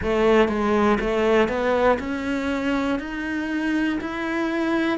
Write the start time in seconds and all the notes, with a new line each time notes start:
0.02 A3
0.48 G#3
1.00 A3
1.48 B3
1.99 C#4
2.99 D#4
4.00 E4